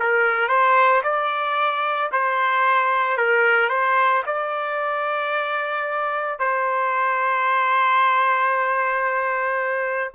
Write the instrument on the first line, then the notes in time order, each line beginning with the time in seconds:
trumpet
0.00 A#4
0.49 C5
1.04 D5
2.12 C5
3.18 A#4
3.70 C5
4.26 D5
6.39 C5